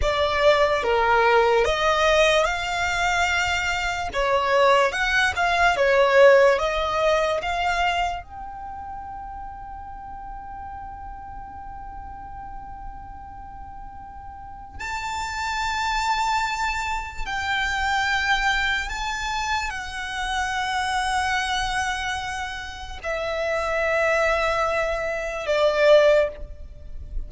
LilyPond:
\new Staff \with { instrumentName = "violin" } { \time 4/4 \tempo 4 = 73 d''4 ais'4 dis''4 f''4~ | f''4 cis''4 fis''8 f''8 cis''4 | dis''4 f''4 g''2~ | g''1~ |
g''2 a''2~ | a''4 g''2 a''4 | fis''1 | e''2. d''4 | }